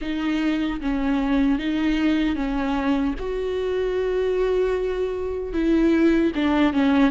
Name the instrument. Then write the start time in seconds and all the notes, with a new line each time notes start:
viola
0.01 D#4
0.80 C#4
1.58 D#4
2.35 C#4
3.18 F#4
5.53 E4
6.35 D4
6.73 C#4